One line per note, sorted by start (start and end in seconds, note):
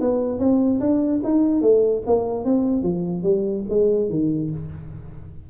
0.00 0.39 B3
0.39 0.79 C4
0.80 1.21 D4
1.24 1.61 D#4
1.61 2.02 A3
2.06 2.44 A#3
2.44 2.82 C4
2.82 3.23 F3
3.23 3.63 G3
3.69 4.09 G#3
4.09 4.50 D#3